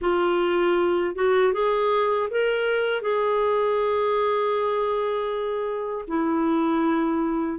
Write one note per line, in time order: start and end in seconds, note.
0.01 1.15 F4
1.15 1.53 F#4
1.53 2.29 G#4
2.30 3.01 A#4
3.01 6.05 G#4
6.07 7.59 E4